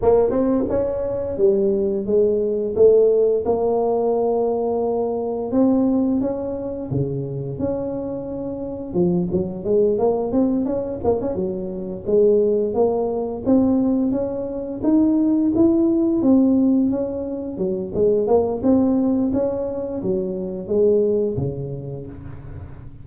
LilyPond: \new Staff \with { instrumentName = "tuba" } { \time 4/4 \tempo 4 = 87 ais8 c'8 cis'4 g4 gis4 | a4 ais2. | c'4 cis'4 cis4 cis'4~ | cis'4 f8 fis8 gis8 ais8 c'8 cis'8 |
ais16 cis'16 fis4 gis4 ais4 c'8~ | c'8 cis'4 dis'4 e'4 c'8~ | c'8 cis'4 fis8 gis8 ais8 c'4 | cis'4 fis4 gis4 cis4 | }